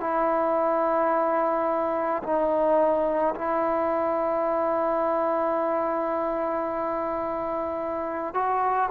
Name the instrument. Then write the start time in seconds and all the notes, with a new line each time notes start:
trombone
0.00 E4
2.23 D#4
3.34 E4
8.34 F#4